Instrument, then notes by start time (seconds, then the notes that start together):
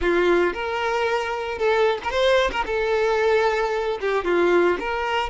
violin
0.01 F4
0.53 A#4
1.58 A4
2.03 A#4
2.10 C5
2.51 A#4
2.66 A4
4.01 G4
4.24 F4
4.79 A#4